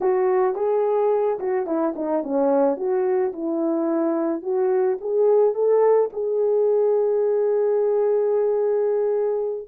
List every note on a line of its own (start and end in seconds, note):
0.01 0.55 F#4
0.55 1.38 G#4
1.39 1.66 F#4
1.66 1.94 E4
1.95 2.23 D#4
2.23 2.77 C#4
2.77 3.32 F#4
3.32 4.42 E4
4.42 4.98 F#4
5.01 5.54 G#4
5.54 6.09 A4
6.12 9.68 G#4